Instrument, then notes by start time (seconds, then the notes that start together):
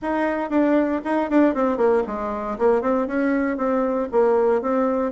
bassoon
0.02 D#4
0.50 D4
1.04 D#4
1.30 D4
1.54 C4
1.77 A#3
2.07 G#3
2.58 A#3
2.81 C4
3.07 C#4
3.57 C4
4.11 A#3
4.61 C4